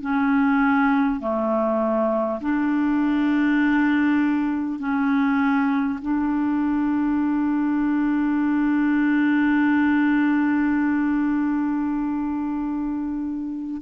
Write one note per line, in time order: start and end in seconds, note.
0.00 1.20 C#4
1.20 2.40 A3
2.40 4.79 D4
4.79 5.99 C#4
6.01 13.81 D4